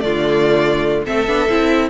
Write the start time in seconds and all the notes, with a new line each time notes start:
0.00 D3 A3 F4 D5
1.05 A3 C4 A4 E5
1.27 B3 D4
1.50 C4 E4